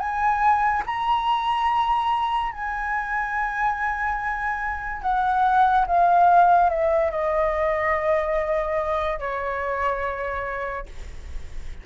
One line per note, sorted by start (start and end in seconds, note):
0.00 0.83 G#5
0.87 2.52 A#5
2.52 5.02 G#5
5.03 5.86 F#5
5.87 6.70 F5
6.70 7.11 E5
7.11 9.20 D#5
9.20 10.86 C#5